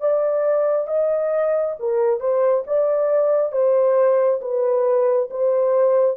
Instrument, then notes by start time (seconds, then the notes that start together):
horn
0.00 D5
0.87 D#5
1.79 A#4
2.20 C5
2.67 D5
3.52 C5
4.41 B4
5.30 C5